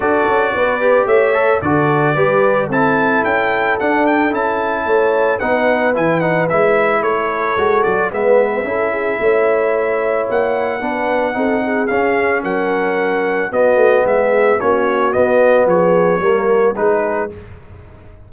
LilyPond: <<
  \new Staff \with { instrumentName = "trumpet" } { \time 4/4 \tempo 4 = 111 d''2 e''4 d''4~ | d''4 a''4 g''4 fis''8 g''8 | a''2 fis''4 gis''8 fis''8 | e''4 cis''4. d''8 e''4~ |
e''2. fis''4~ | fis''2 f''4 fis''4~ | fis''4 dis''4 e''4 cis''4 | dis''4 cis''2 b'4 | }
  \new Staff \with { instrumentName = "horn" } { \time 4/4 a'4 b'4 cis''4 a'4 | b'4 a'2.~ | a'4 cis''4 b'2~ | b'4 a'2 b'4 |
a'8 gis'8 cis''2. | b'4 a'8 gis'4. ais'4~ | ais'4 fis'4 gis'4 fis'4~ | fis'4 gis'4 ais'4 gis'4 | }
  \new Staff \with { instrumentName = "trombone" } { \time 4/4 fis'4. g'4 a'8 fis'4 | g'4 e'2 d'4 | e'2 dis'4 e'8 dis'8 | e'2 fis'4 b4 |
e'1 | d'4 dis'4 cis'2~ | cis'4 b2 cis'4 | b2 ais4 dis'4 | }
  \new Staff \with { instrumentName = "tuba" } { \time 4/4 d'8 cis'8 b4 a4 d4 | g4 c'4 cis'4 d'4 | cis'4 a4 b4 e4 | gis4 a4 gis8 fis8 gis4 |
cis'4 a2 ais4 | b4 c'4 cis'4 fis4~ | fis4 b8 a8 gis4 ais4 | b4 f4 g4 gis4 | }
>>